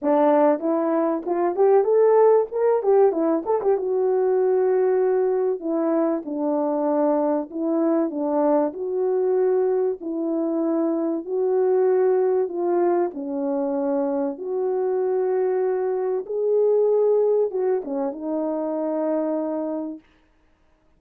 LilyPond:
\new Staff \with { instrumentName = "horn" } { \time 4/4 \tempo 4 = 96 d'4 e'4 f'8 g'8 a'4 | ais'8 g'8 e'8 a'16 g'16 fis'2~ | fis'4 e'4 d'2 | e'4 d'4 fis'2 |
e'2 fis'2 | f'4 cis'2 fis'4~ | fis'2 gis'2 | fis'8 cis'8 dis'2. | }